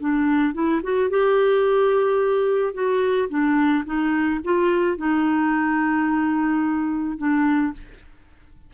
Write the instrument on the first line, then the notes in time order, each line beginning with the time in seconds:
clarinet
0.00 D4
0.54 E4
0.83 F#4
1.10 G4
2.74 F#4
3.29 D4
3.85 D#4
4.44 F4
4.98 D#4
7.18 D4